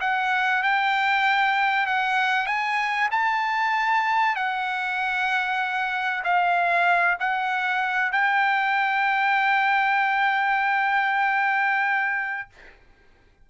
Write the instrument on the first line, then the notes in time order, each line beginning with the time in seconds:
trumpet
0.00 F#5
0.62 G5
1.86 F#5
2.46 G#5
3.11 A5
4.36 F#5
6.24 F5
7.19 F#5
8.12 G5